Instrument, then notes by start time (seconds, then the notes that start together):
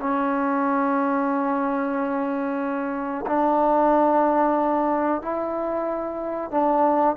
trombone
0.00 C#4
3.27 D4
5.22 E4
6.51 D4